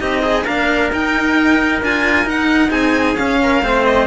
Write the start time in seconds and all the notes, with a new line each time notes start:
0.00 C4 D#4 G4 D#5
0.22 D#4 G#4
0.45 A#3 D4 A#4 F5
0.92 D#4 G5
1.82 D4 F4 G#5
2.24 D#4 F#5
2.70 C4 G#4 G#5
3.16 C#4 F5
3.43 A#4
3.63 A3 C4 C5
3.85 D#5